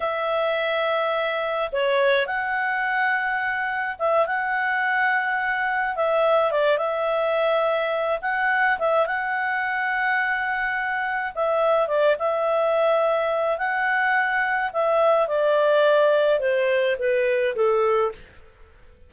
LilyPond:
\new Staff \with { instrumentName = "clarinet" } { \time 4/4 \tempo 4 = 106 e''2. cis''4 | fis''2. e''8 fis''8~ | fis''2~ fis''8 e''4 d''8 | e''2~ e''8 fis''4 e''8 |
fis''1 | e''4 d''8 e''2~ e''8 | fis''2 e''4 d''4~ | d''4 c''4 b'4 a'4 | }